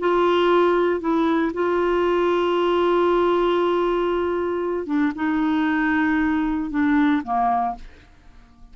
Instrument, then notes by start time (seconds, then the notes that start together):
clarinet
0.00 F4
1.01 E4
1.54 F4
4.87 D4
5.15 D#4
6.71 D4
7.24 A#3